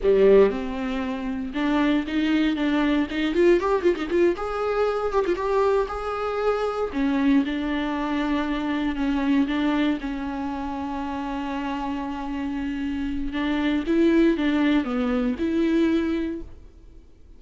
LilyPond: \new Staff \with { instrumentName = "viola" } { \time 4/4 \tempo 4 = 117 g4 c'2 d'4 | dis'4 d'4 dis'8 f'8 g'8 f'16 dis'16 | f'8 gis'4. g'16 f'16 g'4 gis'8~ | gis'4. cis'4 d'4.~ |
d'4. cis'4 d'4 cis'8~ | cis'1~ | cis'2 d'4 e'4 | d'4 b4 e'2 | }